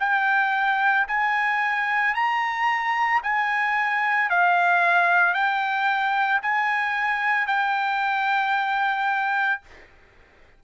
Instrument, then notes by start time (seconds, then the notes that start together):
trumpet
0.00 G5
1.08 G#5
2.15 A#5
3.23 G#5
4.30 F5
5.34 G5
6.42 G#5
7.48 G5